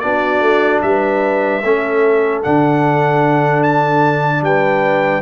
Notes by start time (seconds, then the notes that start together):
0.00 B3 D4 F#4 D5
0.41 A3
0.82 G3 B4 E5
1.64 A3 C#4 A4
2.43 D3 D4 F#5
3.63 A5
4.42 G3 B4 G5